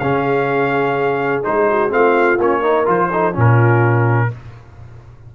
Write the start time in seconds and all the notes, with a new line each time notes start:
0.00 C#3 C#4 G#4 F5
1.44 G#3 D#4 C5
1.69 F#4
1.90 A3 C4 F4 F5
2.39 A#3 C#4 C#5
2.61 D#4 A#4
2.86 F3 F4 C5
3.12 D#4 A4
3.34 A#2 C#4 F4
3.40 A#4